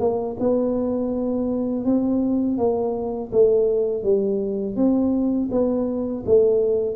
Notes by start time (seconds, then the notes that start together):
0.00 A#3
0.40 B3
1.85 C4
2.58 A#3
3.33 A3
4.03 G3
4.77 C4
5.51 B3
6.26 A3